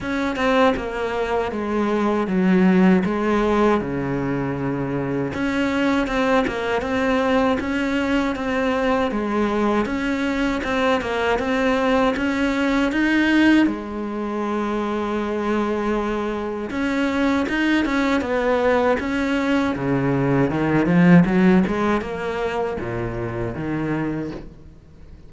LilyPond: \new Staff \with { instrumentName = "cello" } { \time 4/4 \tempo 4 = 79 cis'8 c'8 ais4 gis4 fis4 | gis4 cis2 cis'4 | c'8 ais8 c'4 cis'4 c'4 | gis4 cis'4 c'8 ais8 c'4 |
cis'4 dis'4 gis2~ | gis2 cis'4 dis'8 cis'8 | b4 cis'4 cis4 dis8 f8 | fis8 gis8 ais4 ais,4 dis4 | }